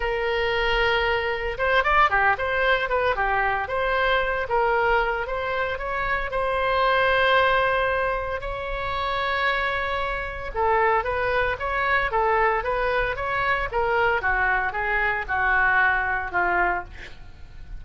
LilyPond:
\new Staff \with { instrumentName = "oboe" } { \time 4/4 \tempo 4 = 114 ais'2. c''8 d''8 | g'8 c''4 b'8 g'4 c''4~ | c''8 ais'4. c''4 cis''4 | c''1 |
cis''1 | a'4 b'4 cis''4 a'4 | b'4 cis''4 ais'4 fis'4 | gis'4 fis'2 f'4 | }